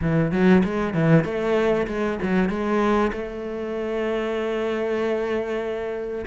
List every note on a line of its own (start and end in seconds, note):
0.01 0.31 E3
0.31 0.62 F#3
0.64 0.94 G#3
0.94 1.24 E3
1.24 1.86 A3
1.87 2.18 G#3
2.22 2.49 F#3
2.49 3.11 G#3
3.12 6.25 A3